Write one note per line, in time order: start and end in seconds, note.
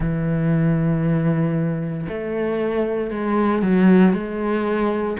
0.00 2.07 E3
2.08 3.10 A3
3.10 3.62 G#3
3.62 4.13 F#3
4.13 5.16 G#3